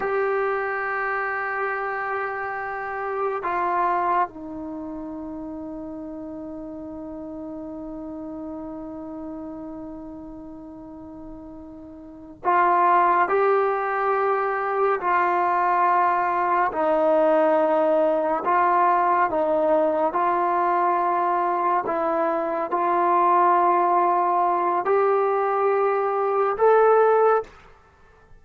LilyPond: \new Staff \with { instrumentName = "trombone" } { \time 4/4 \tempo 4 = 70 g'1 | f'4 dis'2.~ | dis'1~ | dis'2~ dis'8 f'4 g'8~ |
g'4. f'2 dis'8~ | dis'4. f'4 dis'4 f'8~ | f'4. e'4 f'4.~ | f'4 g'2 a'4 | }